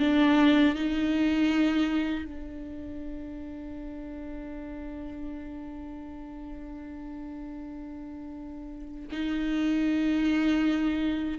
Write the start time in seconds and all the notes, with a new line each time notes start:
0.00 D4
0.76 D#4
2.25 D4
9.12 D#4